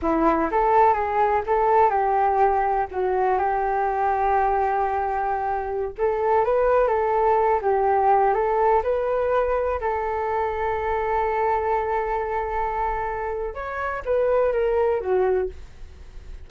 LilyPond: \new Staff \with { instrumentName = "flute" } { \time 4/4 \tempo 4 = 124 e'4 a'4 gis'4 a'4 | g'2 fis'4 g'4~ | g'1~ | g'16 a'4 b'4 a'4. g'16~ |
g'4~ g'16 a'4 b'4.~ b'16~ | b'16 a'2.~ a'8.~ | a'1 | cis''4 b'4 ais'4 fis'4 | }